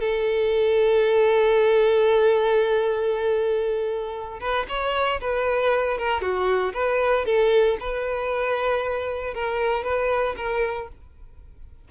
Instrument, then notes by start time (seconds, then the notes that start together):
violin
0.00 A4
4.40 B4
4.68 C#5
5.21 B4
5.98 A#4
6.21 F#4
6.73 B4
7.26 A4
7.80 B4
9.34 A#4
9.84 B4
10.36 A#4